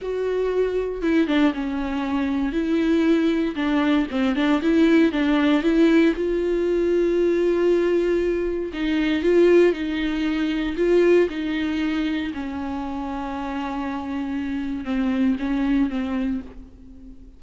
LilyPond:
\new Staff \with { instrumentName = "viola" } { \time 4/4 \tempo 4 = 117 fis'2 e'8 d'8 cis'4~ | cis'4 e'2 d'4 | c'8 d'8 e'4 d'4 e'4 | f'1~ |
f'4 dis'4 f'4 dis'4~ | dis'4 f'4 dis'2 | cis'1~ | cis'4 c'4 cis'4 c'4 | }